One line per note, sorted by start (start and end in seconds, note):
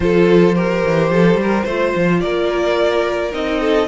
0.00 0.83 F3
0.00 0.54 F4
0.00 0.55 A4
0.00 2.20 C5
0.55 1.66 G4
0.55 1.10 A#4
0.84 1.10 E3
1.10 1.35 F3
1.10 1.40 A4
1.35 1.62 G3
1.41 1.64 A#4
1.64 1.94 A3
1.64 3.31 F4
1.64 2.20 C5
1.95 2.23 F3
2.20 3.33 A#3
2.20 3.60 A#4
2.20 3.31 D5
3.31 3.87 C4
3.31 3.87 D#4
3.31 3.87 D#5
3.60 3.87 A4